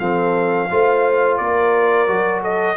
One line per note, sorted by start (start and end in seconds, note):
0.00 0.70 F3
0.00 0.70 C4
0.00 0.69 A4
0.00 1.38 F5
0.71 1.40 A3
0.71 2.07 F4
0.71 1.39 C5
1.38 2.08 A#3
1.38 2.42 A#4
1.38 2.41 D5
2.07 2.77 F#3
2.07 2.76 F#4
2.42 2.77 A4
2.42 2.77 D#5